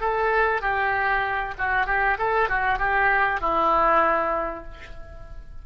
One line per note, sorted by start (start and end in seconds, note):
0.00 0.61 A4
0.61 1.54 G4
1.58 1.86 F#4
1.86 2.17 G4
2.18 2.49 A4
2.49 2.79 F#4
2.79 3.40 G4
3.40 4.64 E4